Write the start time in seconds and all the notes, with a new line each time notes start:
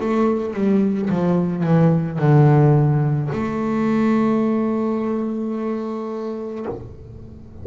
0.00 A3
0.54 G3
1.09 F3
1.63 E3
2.18 D3
3.32 A3